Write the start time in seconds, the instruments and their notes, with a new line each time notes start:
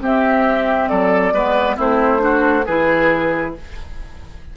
0.00 bassoon C4, clarinet C4, oboe G4, flute E5
0.88 bassoon F#3, oboe A4, flute D5
1.32 bassoon G#3, clarinet B3, oboe B4
1.76 bassoon A3, clarinet C4, oboe E4, flute C5
2.18 clarinet D4, oboe F#4
2.65 bassoon E3, clarinet E4, oboe G#4, flute B4